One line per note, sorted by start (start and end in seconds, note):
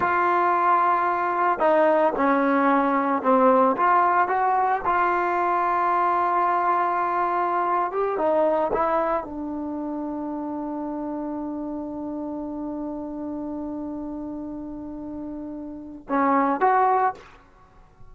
0.00 1.59 F4
1.59 2.12 D#4
2.16 3.22 C#4
3.22 3.75 C4
3.76 4.28 F4
4.28 4.81 F#4
4.85 7.91 F4
7.91 8.17 G4
8.17 8.71 D#4
8.73 9.23 E4
9.23 16.06 D4
16.09 16.60 C#4
16.60 17.14 F#4